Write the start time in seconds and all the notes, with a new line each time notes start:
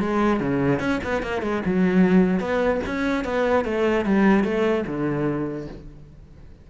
0.00 G#3
0.40 C#3
0.79 C#4
1.03 B3
1.22 A#3
1.42 G#3
1.65 F#3
2.40 B3
2.86 C#4
3.24 B3
3.65 A3
4.05 G3
4.44 A3
4.86 D3